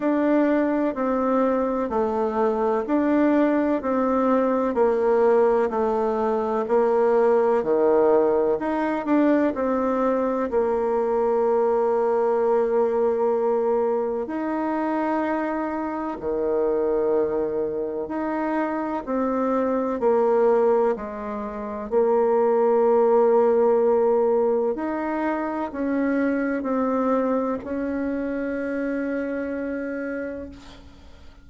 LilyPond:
\new Staff \with { instrumentName = "bassoon" } { \time 4/4 \tempo 4 = 63 d'4 c'4 a4 d'4 | c'4 ais4 a4 ais4 | dis4 dis'8 d'8 c'4 ais4~ | ais2. dis'4~ |
dis'4 dis2 dis'4 | c'4 ais4 gis4 ais4~ | ais2 dis'4 cis'4 | c'4 cis'2. | }